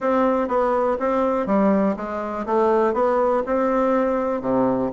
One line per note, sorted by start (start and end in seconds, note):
0.00 0.48 C4
0.48 0.97 B3
0.99 1.46 C4
1.46 1.95 G3
1.96 2.45 G#3
2.46 2.93 A3
2.93 3.42 B3
3.46 4.41 C4
4.41 4.90 C3